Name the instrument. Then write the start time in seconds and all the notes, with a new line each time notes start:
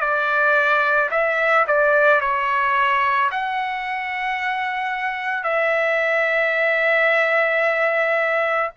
trumpet
0.00 D5
1.11 E5
1.67 D5
2.21 C#5
3.31 F#5
5.43 E5